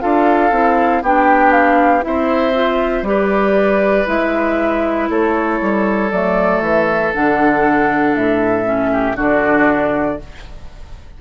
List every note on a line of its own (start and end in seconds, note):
0.00 0.52 D4
0.00 0.51 F4
0.00 1.03 A4
0.00 1.03 F5
0.52 1.02 C4
0.52 1.03 E4
1.02 2.04 B3
1.02 2.01 D4
1.02 2.05 G4
1.02 1.52 G5
1.52 2.03 F5
2.01 3.03 C4
2.01 2.52 E4
2.01 3.09 C5
2.01 3.06 E5
2.54 3.05 F4
3.03 4.05 G3
3.03 4.06 G4
3.03 5.10 B4
3.03 4.08 D5
4.07 5.10 G#3
4.07 6.10 E4
4.07 5.10 E5
5.10 5.61 A3
5.10 8.91 A4
5.10 6.11 C#5
5.61 6.12 G3
6.11 6.61 F#3
6.11 7.14 A3
6.11 6.62 D5
6.61 7.12 E3
6.61 7.14 E5
7.14 8.15 D3
7.14 8.65 D4
7.14 8.16 F#5
8.15 9.15 A2
8.15 9.18 E5
8.65 9.16 C#4
8.93 9.16 G4
9.15 10.17 D3
9.15 10.20 D4
9.15 10.18 F#4
9.15 10.22 D5